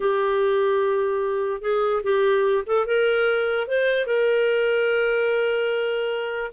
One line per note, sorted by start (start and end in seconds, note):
0.00 1.61 G4
1.61 2.02 G#4
2.03 2.64 G4
2.66 2.86 A4
2.86 3.67 A#4
3.67 4.06 C5
4.06 6.51 A#4